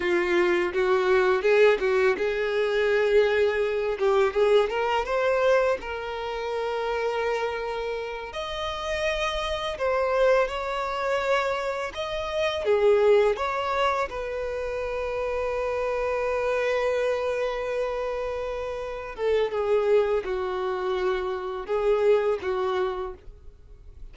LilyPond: \new Staff \with { instrumentName = "violin" } { \time 4/4 \tempo 4 = 83 f'4 fis'4 gis'8 fis'8 gis'4~ | gis'4. g'8 gis'8 ais'8 c''4 | ais'2.~ ais'8 dis''8~ | dis''4. c''4 cis''4.~ |
cis''8 dis''4 gis'4 cis''4 b'8~ | b'1~ | b'2~ b'8 a'8 gis'4 | fis'2 gis'4 fis'4 | }